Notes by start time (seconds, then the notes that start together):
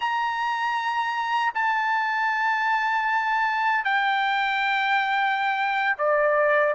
0.00 A#5
1.54 A5
3.84 G5
5.98 D5